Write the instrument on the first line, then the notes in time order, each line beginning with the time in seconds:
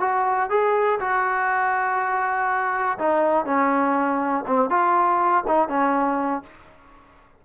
trombone
0.00 F#4
0.50 G#4
0.99 F#4
2.98 D#4
3.45 C#4
4.47 C4
4.69 F4
5.47 D#4
5.68 C#4